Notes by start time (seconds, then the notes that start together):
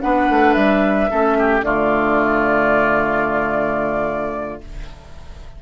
0.00 B3 D4 B4 F#5
0.29 A3
0.53 G3 E5
1.09 A3 C#4 A4
1.38 G4
1.62 D3 A3 F4 D5